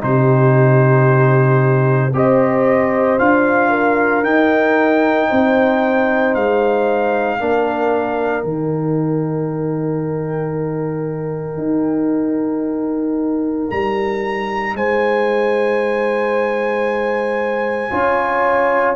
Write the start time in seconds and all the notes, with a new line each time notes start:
0.00 C3 D#4 G4 C5
2.13 C4 G4 C5 D#5
3.19 D4 F4 F5
3.70 A#4
4.22 D#4 G5
5.28 C4 C5
6.34 G#3 F5
7.39 A#3 D4 A#4
8.44 D#3 D#4 G5
11.57 D#4
13.70 G3 A#5
14.73 G#3 C5 G#5
17.91 C#4 F4 C#5